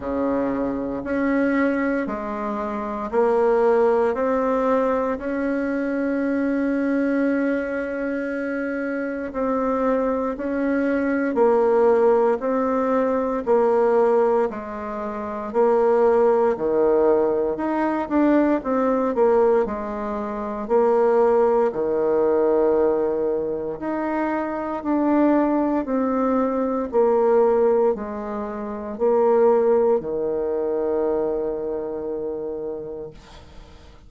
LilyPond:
\new Staff \with { instrumentName = "bassoon" } { \time 4/4 \tempo 4 = 58 cis4 cis'4 gis4 ais4 | c'4 cis'2.~ | cis'4 c'4 cis'4 ais4 | c'4 ais4 gis4 ais4 |
dis4 dis'8 d'8 c'8 ais8 gis4 | ais4 dis2 dis'4 | d'4 c'4 ais4 gis4 | ais4 dis2. | }